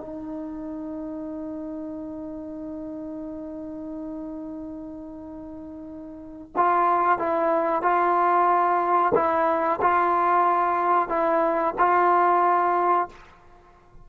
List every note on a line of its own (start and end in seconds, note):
0.00 6.52 D#4
6.56 7.18 F4
7.18 7.82 E4
7.82 9.12 F4
9.14 9.79 E4
9.81 11.09 F4
11.09 11.74 E4
11.78 13.08 F4